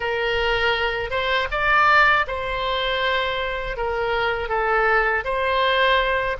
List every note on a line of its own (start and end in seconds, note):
0.00 1.10 A#4
1.10 1.47 C5
1.51 2.26 D5
2.27 3.76 C5
3.76 4.49 A#4
4.49 5.24 A4
5.24 6.36 C5